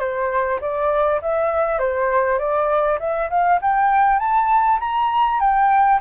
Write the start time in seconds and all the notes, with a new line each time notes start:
0.00 C5
0.61 D5
1.22 E5
1.79 C5
2.39 D5
3.00 E5
3.30 F5
3.62 G5
4.19 A5
4.80 A#5
5.41 G5